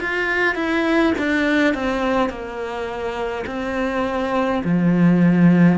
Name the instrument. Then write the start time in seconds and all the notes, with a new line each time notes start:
cello
0.00 F4
0.55 E4
1.18 D4
1.74 C4
2.29 A#3
3.46 C4
4.64 F3